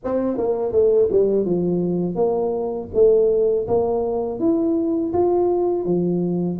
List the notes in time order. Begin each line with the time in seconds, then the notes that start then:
0.04 C4
0.37 A#3
0.72 A3
1.11 G3
1.45 F3
2.15 A#3
2.94 A3
3.68 A#3
4.39 E4
5.13 F4
5.85 F3